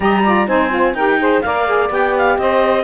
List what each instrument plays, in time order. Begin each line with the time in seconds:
0.00 cello G3, saxophone G4 D#5, clarinet A#5
0.23 saxophone F4 D5
0.46 cello C4, saxophone D#4 C5, clarinet G#5
0.70 saxophone F4
0.94 cello D#4, saxophone G4 A#4, clarinet G5
1.19 saxophone G#4 C5
1.41 cello A#3, saxophone A#4 D5, clarinet F5
1.66 saxophone G#4
1.89 cello B3, saxophone G4, clarinet G5
2.17 clarinet F5
2.38 cello C4, saxophone C5, clarinet D#5